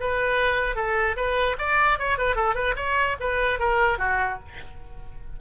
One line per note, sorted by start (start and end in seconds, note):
0.00 0.76 B4
0.76 1.16 A4
1.16 1.57 B4
1.59 1.99 D5
1.99 2.18 C#5
2.18 2.36 B4
2.36 2.55 A4
2.55 2.75 B4
2.76 3.16 C#5
3.20 3.59 B4
3.59 3.99 A#4
3.99 4.39 F#4